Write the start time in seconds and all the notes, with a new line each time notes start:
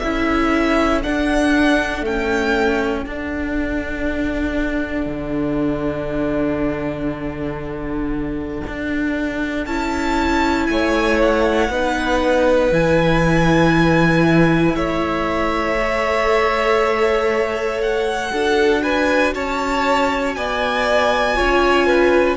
0.00 C#4 E4 A4 E5
1.03 D4 F#5
2.02 A3 C#4 G5
3.06 D4 F#5
5.06 D3
8.68 D4
9.67 C#4 E4 A5
10.67 A3 C#5 G#5
11.22 F#5
11.69 B3 D#4 B4
12.72 E3 E4 G#5
14.75 A3 C#5 E5
15.80 A4
17.82 F#5
18.31 D4 F#4 A4
18.83 B4 G#5
19.35 C#4 C#5 A5
20.35 B3 D5 G#5
21.35 C#4 F4 C#5
21.87 B4